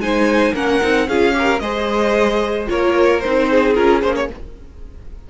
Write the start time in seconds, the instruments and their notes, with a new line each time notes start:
0.00 cello G#3, viola D#4, violin C5 G#5
0.54 cello A#3, viola C#4, violin A#4 F#5
0.82 cello C4, viola D#4
1.08 cello C#4, viola F4, violin G#4 F5
1.33 viola G4, violin A#4
1.60 cello G#3, viola G#4, violin C5 D#5
2.67 cello A#3, viola F4, violin A#4 C#5
3.21 cello C4, viola D#4, violin C5
3.49 violin G#4
3.75 cello C#4, viola F4, violin A#4
4.02 cello A#3, viola C#4, violin C5
4.16 violin C#5